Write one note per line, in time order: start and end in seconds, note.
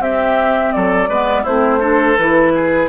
0.00 0.72 C4
0.00 1.09 C4
0.00 0.73 G4
0.00 0.73 E5
0.73 1.09 F#3
0.73 1.09 A4
0.73 1.45 D5
1.09 1.45 G#3
1.09 1.47 B3
1.09 1.43 B4
1.43 2.19 A3
1.43 1.81 C4
1.43 1.79 E4
1.43 2.17 C5
1.80 2.17 D4
1.80 2.53 A4
2.17 2.89 E3
2.17 2.89 E4
2.17 2.89 B4
2.55 2.89 G#4